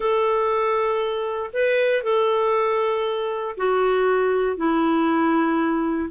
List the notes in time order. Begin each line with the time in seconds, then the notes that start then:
0.00 A4
1.53 B4
2.03 A4
3.57 F#4
4.56 E4